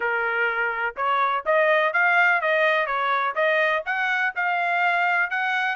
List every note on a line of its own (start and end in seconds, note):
0.00 0.95 A#4
0.96 1.44 C#5
1.45 1.93 D#5
1.93 2.41 F5
2.41 2.86 D#5
2.86 3.34 C#5
3.35 3.83 D#5
3.85 4.33 F#5
4.35 5.30 F5
5.30 5.75 F#5